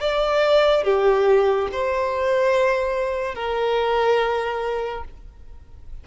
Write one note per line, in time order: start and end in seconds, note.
0.00 0.84 D5
0.84 1.69 G4
1.72 3.35 C5
3.35 5.04 A#4